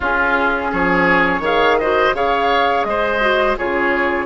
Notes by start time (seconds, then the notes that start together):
0.00 C#4 F4 G#4
0.71 F3 G#4 C#5
1.39 D#3 G#4 C#5
1.45 F5
1.78 F#4 C5 D#5
2.14 C#3 G#4 C#5 F5
2.84 G#3 C5 D#5
3.21 F#4
3.56 C#3 F4 G#4 C#5